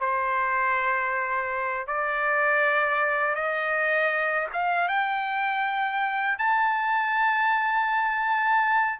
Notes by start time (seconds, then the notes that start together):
0.00 C5
1.86 D5
3.35 D#5
4.52 F5
4.88 G5
6.38 A5